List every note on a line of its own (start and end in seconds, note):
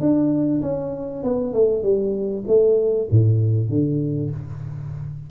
0.00 0.61 D4
0.62 1.23 C#4
1.24 1.53 B3
1.53 1.83 A3
1.83 2.44 G3
2.47 3.08 A3
3.11 3.69 A2
3.69 4.31 D3